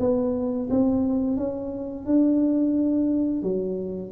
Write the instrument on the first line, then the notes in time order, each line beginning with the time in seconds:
tuba
0.00 B3
0.70 C4
1.37 C#4
2.06 D4
3.43 F#3